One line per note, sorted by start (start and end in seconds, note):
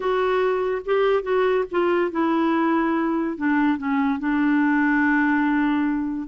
0.00 0.81 F#4
0.85 1.22 G4
1.22 1.64 F#4
1.71 2.11 F4
2.11 3.37 E4
3.37 3.77 D4
3.77 4.19 C#4
4.19 6.27 D4